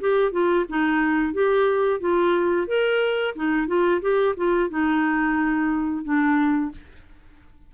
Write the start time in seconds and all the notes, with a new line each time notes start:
0.00 G4
0.32 F4
0.69 D#4
1.33 G4
2.00 F4
2.67 A#4
3.35 D#4
3.67 F4
4.01 G4
4.37 F4
4.70 D#4
6.04 D4